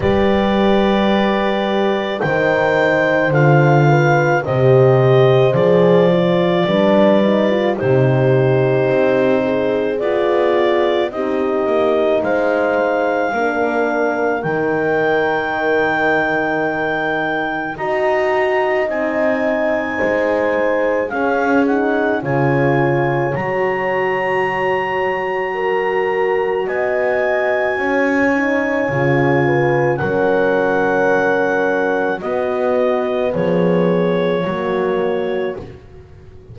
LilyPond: <<
  \new Staff \with { instrumentName = "clarinet" } { \time 4/4 \tempo 4 = 54 d''2 g''4 f''4 | dis''4 d''2 c''4~ | c''4 d''4 dis''4 f''4~ | f''4 g''2. |
ais''4 gis''2 f''8 fis''8 | gis''4 ais''2. | gis''2. fis''4~ | fis''4 dis''4 cis''2 | }
  \new Staff \with { instrumentName = "horn" } { \time 4/4 b'2 c''4. b'8 | c''2 b'4 g'4~ | g'8 gis'4. g'4 c''4 | ais'1 |
dis''2 c''4 gis'4 | cis''2. ais'4 | dis''4 cis''4. b'8 ais'4~ | ais'4 fis'4 gis'4 fis'4 | }
  \new Staff \with { instrumentName = "horn" } { \time 4/4 g'2 dis'4 f'4 | g'4 gis'8 f'8 d'8 dis'16 f'16 dis'4~ | dis'4 f'4 dis'2 | d'4 dis'2. |
fis'4 dis'2 cis'8 dis'8 | f'4 fis'2.~ | fis'4. dis'8 f'4 cis'4~ | cis'4 b2 ais4 | }
  \new Staff \with { instrumentName = "double bass" } { \time 4/4 g2 dis4 d4 | c4 f4 g4 c4 | c'4 b4 c'8 ais8 gis4 | ais4 dis2. |
dis'4 c'4 gis4 cis'4 | cis4 fis2. | b4 cis'4 cis4 fis4~ | fis4 b4 f4 fis4 | }
>>